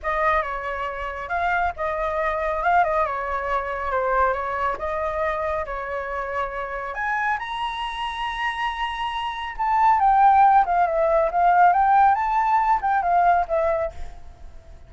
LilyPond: \new Staff \with { instrumentName = "flute" } { \time 4/4 \tempo 4 = 138 dis''4 cis''2 f''4 | dis''2 f''8 dis''8 cis''4~ | cis''4 c''4 cis''4 dis''4~ | dis''4 cis''2. |
gis''4 ais''2.~ | ais''2 a''4 g''4~ | g''8 f''8 e''4 f''4 g''4 | a''4. g''8 f''4 e''4 | }